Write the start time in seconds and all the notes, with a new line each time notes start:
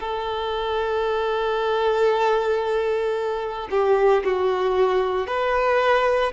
0.00 A4
3.71 G4
4.24 F#4
5.27 B4